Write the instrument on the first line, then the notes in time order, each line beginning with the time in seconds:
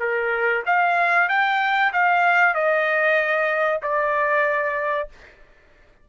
trumpet
0.00 A#4
0.66 F5
1.29 G5
1.93 F5
2.55 D#5
3.83 D5